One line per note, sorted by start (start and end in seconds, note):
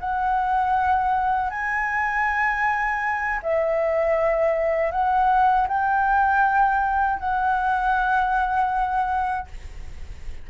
0.00 1.51 F#5
1.51 3.40 G#5
3.43 4.92 E5
4.92 5.68 F#5
5.68 7.20 G5
7.20 9.48 F#5